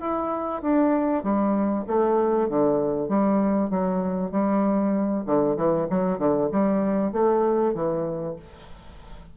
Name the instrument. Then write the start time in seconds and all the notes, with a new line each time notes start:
bassoon
0.00 E4
0.62 D4
1.23 G3
1.87 A3
2.49 D3
3.08 G3
3.70 F#3
4.31 G3
5.26 D3
5.56 E3
5.90 F#3
6.18 D3
6.52 G3
7.12 A3
7.74 E3